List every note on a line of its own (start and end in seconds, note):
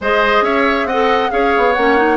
0.00 0.41 G#3
0.00 0.91 G#4
0.00 0.44 C5
0.00 0.44 D#5
0.41 0.84 C#4
0.41 0.87 C#5
0.41 0.87 E5
0.84 1.28 C4
0.84 1.31 D#5
0.84 1.30 F#5
0.92 1.30 A4
1.30 1.54 C#4
1.30 1.74 G#4
1.30 2.16 C#5
1.30 1.72 F5
1.57 1.77 B3
1.72 2.16 A#3
1.72 1.97 C#4
1.72 2.16 F#5
1.97 2.16 D#4